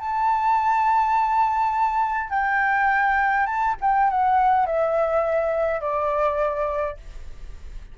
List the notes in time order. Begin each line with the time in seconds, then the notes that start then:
0.00 A5
2.30 G5
3.47 A5
3.82 G5
4.11 F#5
4.67 E5
5.81 D5